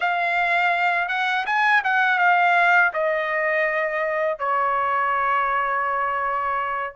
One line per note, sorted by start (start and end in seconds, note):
0.00 1.08 F5
1.08 1.45 F#5
1.45 1.82 G#5
1.84 2.18 F#5
2.18 2.91 F5
2.93 4.39 D#5
4.39 6.95 C#5